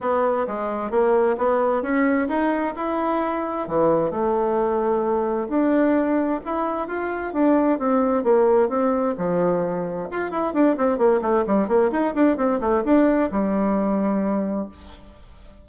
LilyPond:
\new Staff \with { instrumentName = "bassoon" } { \time 4/4 \tempo 4 = 131 b4 gis4 ais4 b4 | cis'4 dis'4 e'2 | e4 a2. | d'2 e'4 f'4 |
d'4 c'4 ais4 c'4 | f2 f'8 e'8 d'8 c'8 | ais8 a8 g8 ais8 dis'8 d'8 c'8 a8 | d'4 g2. | }